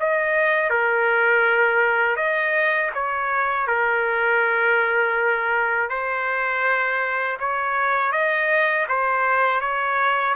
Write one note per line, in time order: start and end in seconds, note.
0.00 0.70 D#5
0.70 2.16 A#4
2.16 2.90 D#5
2.95 3.67 C#5
3.67 5.90 A#4
5.90 7.38 C5
7.40 8.12 C#5
8.12 8.86 D#5
8.89 9.61 C5
9.61 10.35 C#5